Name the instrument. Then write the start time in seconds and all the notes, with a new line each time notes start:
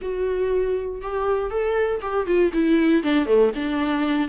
viola
0.01 F#4
1.01 G4
1.50 A4
2.01 G4
2.26 F4
2.53 E4
3.03 D4
3.25 A3
3.55 D4